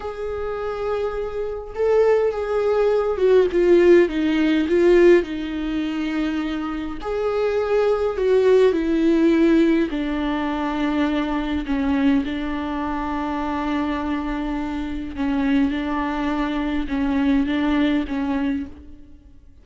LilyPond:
\new Staff \with { instrumentName = "viola" } { \time 4/4 \tempo 4 = 103 gis'2. a'4 | gis'4. fis'8 f'4 dis'4 | f'4 dis'2. | gis'2 fis'4 e'4~ |
e'4 d'2. | cis'4 d'2.~ | d'2 cis'4 d'4~ | d'4 cis'4 d'4 cis'4 | }